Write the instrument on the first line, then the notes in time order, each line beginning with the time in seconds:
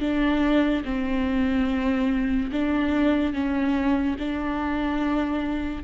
viola
0.00 D4
0.84 C4
2.52 D4
3.33 C#4
4.19 D4